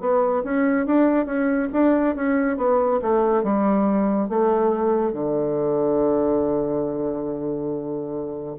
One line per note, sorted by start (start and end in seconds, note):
0.00 0.43 B3
0.43 0.86 C#4
0.86 1.25 D4
1.25 1.68 C#4
1.72 2.15 D4
2.15 2.57 C#4
2.57 3.00 B3
3.02 3.43 A3
3.43 4.29 G3
4.29 5.13 A3
5.13 8.56 D3